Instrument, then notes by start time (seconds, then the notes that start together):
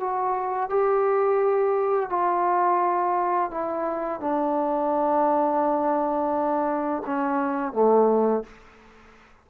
trombone
0.00 F#4
0.70 G4
2.10 F4
3.51 E4
4.20 D4
7.06 C#4
7.73 A3